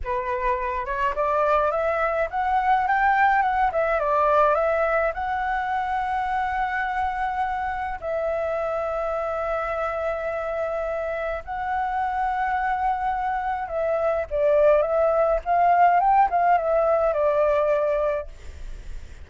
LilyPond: \new Staff \with { instrumentName = "flute" } { \time 4/4 \tempo 4 = 105 b'4. cis''8 d''4 e''4 | fis''4 g''4 fis''8 e''8 d''4 | e''4 fis''2.~ | fis''2 e''2~ |
e''1 | fis''1 | e''4 d''4 e''4 f''4 | g''8 f''8 e''4 d''2 | }